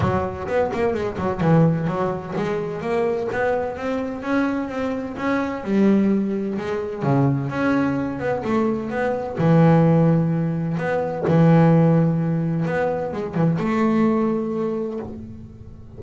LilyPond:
\new Staff \with { instrumentName = "double bass" } { \time 4/4 \tempo 4 = 128 fis4 b8 ais8 gis8 fis8 e4 | fis4 gis4 ais4 b4 | c'4 cis'4 c'4 cis'4 | g2 gis4 cis4 |
cis'4. b8 a4 b4 | e2. b4 | e2. b4 | gis8 e8 a2. | }